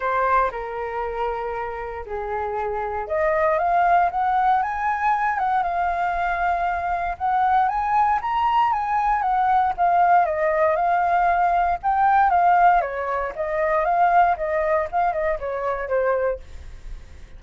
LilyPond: \new Staff \with { instrumentName = "flute" } { \time 4/4 \tempo 4 = 117 c''4 ais'2. | gis'2 dis''4 f''4 | fis''4 gis''4. fis''8 f''4~ | f''2 fis''4 gis''4 |
ais''4 gis''4 fis''4 f''4 | dis''4 f''2 g''4 | f''4 cis''4 dis''4 f''4 | dis''4 f''8 dis''8 cis''4 c''4 | }